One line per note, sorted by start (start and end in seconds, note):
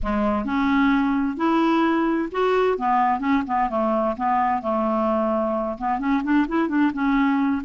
0.03 0.44 G#3
0.44 1.37 C#4
1.37 2.29 E4
2.31 2.78 F#4
2.78 3.19 B3
3.19 3.42 C#4
3.46 3.69 B3
3.69 4.15 A3
4.16 4.62 B3
4.62 5.77 A3
5.78 5.99 B3
5.99 6.22 C#4
6.23 6.46 D4
6.48 6.68 E4
6.68 6.91 D4
6.93 7.62 C#4